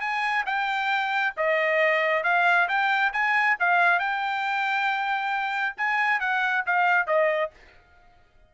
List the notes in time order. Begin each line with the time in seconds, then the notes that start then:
0.00 G#5
0.46 G5
1.36 D#5
2.23 F5
2.68 G5
3.12 G#5
3.59 F5
3.99 G5
5.77 G#5
6.19 F#5
6.66 F5
7.06 D#5